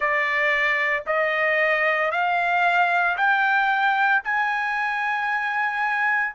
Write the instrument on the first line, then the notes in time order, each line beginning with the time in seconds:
trumpet
0.00 D5
1.06 D#5
2.11 F5
3.17 G5
4.23 G#5